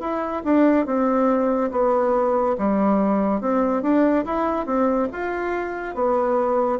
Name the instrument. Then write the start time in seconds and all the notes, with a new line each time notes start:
bassoon
0.00 E4
0.44 D4
0.86 C4
1.71 B3
2.58 G3
3.41 C4
3.82 D4
4.25 E4
4.66 C4
5.12 F4
5.95 B3